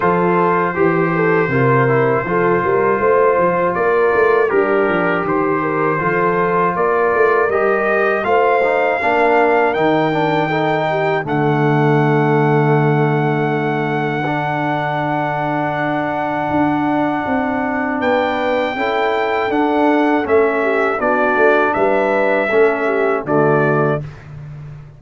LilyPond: <<
  \new Staff \with { instrumentName = "trumpet" } { \time 4/4 \tempo 4 = 80 c''1~ | c''4 d''4 ais'4 c''4~ | c''4 d''4 dis''4 f''4~ | f''4 g''2 fis''4~ |
fis''1~ | fis''1 | g''2 fis''4 e''4 | d''4 e''2 d''4 | }
  \new Staff \with { instrumentName = "horn" } { \time 4/4 a'4 g'8 a'8 ais'4 a'8 ais'8 | c''4 ais'4 d'4 g'8 ais'8 | a'4 ais'2 c''4 | ais'2 a'8 g'8 a'4~ |
a'1~ | a'1 | b'4 a'2~ a'8 g'8 | fis'4 b'4 a'8 g'8 fis'4 | }
  \new Staff \with { instrumentName = "trombone" } { \time 4/4 f'4 g'4 f'8 e'8 f'4~ | f'2 g'2 | f'2 g'4 f'8 dis'8 | d'4 dis'8 d'8 dis'4 a4~ |
a2. d'4~ | d'1~ | d'4 e'4 d'4 cis'4 | d'2 cis'4 a4 | }
  \new Staff \with { instrumentName = "tuba" } { \time 4/4 f4 e4 c4 f8 g8 | a8 f8 ais8 a8 g8 f8 dis4 | f4 ais8 a8 g4 a4 | ais4 dis2 d4~ |
d1~ | d2 d'4 c'4 | b4 cis'4 d'4 a4 | b8 a8 g4 a4 d4 | }
>>